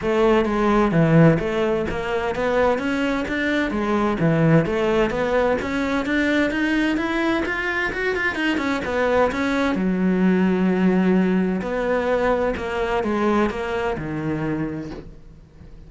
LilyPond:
\new Staff \with { instrumentName = "cello" } { \time 4/4 \tempo 4 = 129 a4 gis4 e4 a4 | ais4 b4 cis'4 d'4 | gis4 e4 a4 b4 | cis'4 d'4 dis'4 e'4 |
f'4 fis'8 f'8 dis'8 cis'8 b4 | cis'4 fis2.~ | fis4 b2 ais4 | gis4 ais4 dis2 | }